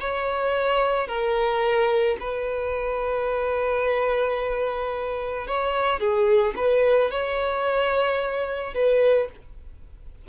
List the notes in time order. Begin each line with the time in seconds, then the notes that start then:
0.00 C#5
1.08 A#4
2.20 B4
5.47 C#5
6.00 G#4
6.56 B4
7.11 C#5
8.74 B4